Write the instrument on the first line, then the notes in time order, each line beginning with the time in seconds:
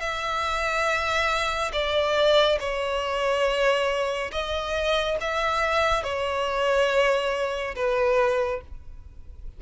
violin
0.00 E5
1.73 D5
2.60 C#5
4.32 D#5
5.21 E5
6.04 C#5
7.75 B4